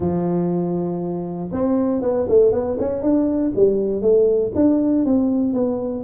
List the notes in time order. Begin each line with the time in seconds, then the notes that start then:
0.00 F3
1.51 C4
2.01 B3
2.28 A3
2.52 B3
2.79 C#4
3.02 D4
3.55 G3
4.01 A3
4.55 D4
5.05 C4
5.53 B3